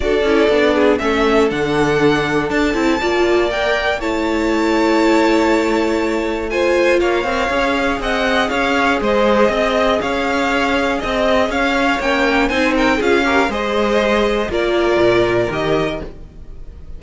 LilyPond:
<<
  \new Staff \with { instrumentName = "violin" } { \time 4/4 \tempo 4 = 120 d''2 e''4 fis''4~ | fis''4 a''2 g''4 | a''1~ | a''4 gis''4 f''2 |
fis''4 f''4 dis''2 | f''2 dis''4 f''4 | g''4 gis''8 g''8 f''4 dis''4~ | dis''4 d''2 dis''4 | }
  \new Staff \with { instrumentName = "violin" } { \time 4/4 a'4. gis'8 a'2~ | a'2 d''2 | cis''1~ | cis''4 c''4 cis''2 |
dis''4 cis''4 c''4 dis''4 | cis''2 dis''4 cis''4~ | cis''4 c''8 ais'8 gis'8 ais'8 c''4~ | c''4 ais'2. | }
  \new Staff \with { instrumentName = "viola" } { \time 4/4 fis'8 e'8 d'4 cis'4 d'4~ | d'4. e'8 f'4 ais'4 | e'1~ | e'4 f'4. ais'8 gis'4~ |
gis'1~ | gis'1 | cis'4 dis'4 f'8 g'8 gis'4~ | gis'4 f'2 g'4 | }
  \new Staff \with { instrumentName = "cello" } { \time 4/4 d'8 cis'8 b4 a4 d4~ | d4 d'8 c'8 ais2 | a1~ | a2 ais8 c'8 cis'4 |
c'4 cis'4 gis4 c'4 | cis'2 c'4 cis'4 | ais4 c'4 cis'4 gis4~ | gis4 ais4 ais,4 dis4 | }
>>